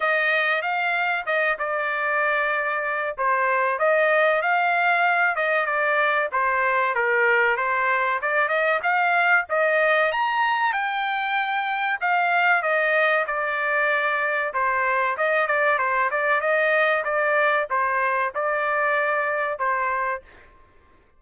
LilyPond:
\new Staff \with { instrumentName = "trumpet" } { \time 4/4 \tempo 4 = 95 dis''4 f''4 dis''8 d''4.~ | d''4 c''4 dis''4 f''4~ | f''8 dis''8 d''4 c''4 ais'4 | c''4 d''8 dis''8 f''4 dis''4 |
ais''4 g''2 f''4 | dis''4 d''2 c''4 | dis''8 d''8 c''8 d''8 dis''4 d''4 | c''4 d''2 c''4 | }